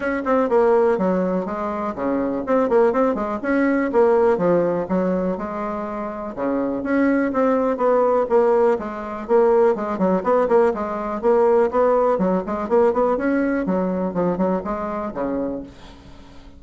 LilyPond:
\new Staff \with { instrumentName = "bassoon" } { \time 4/4 \tempo 4 = 123 cis'8 c'8 ais4 fis4 gis4 | cis4 c'8 ais8 c'8 gis8 cis'4 | ais4 f4 fis4 gis4~ | gis4 cis4 cis'4 c'4 |
b4 ais4 gis4 ais4 | gis8 fis8 b8 ais8 gis4 ais4 | b4 fis8 gis8 ais8 b8 cis'4 | fis4 f8 fis8 gis4 cis4 | }